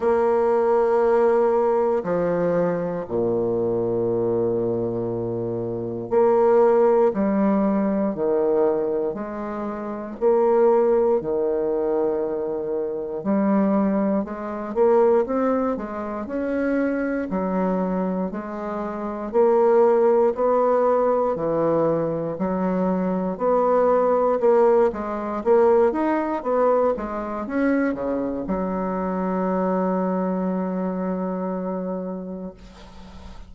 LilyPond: \new Staff \with { instrumentName = "bassoon" } { \time 4/4 \tempo 4 = 59 ais2 f4 ais,4~ | ais,2 ais4 g4 | dis4 gis4 ais4 dis4~ | dis4 g4 gis8 ais8 c'8 gis8 |
cis'4 fis4 gis4 ais4 | b4 e4 fis4 b4 | ais8 gis8 ais8 dis'8 b8 gis8 cis'8 cis8 | fis1 | }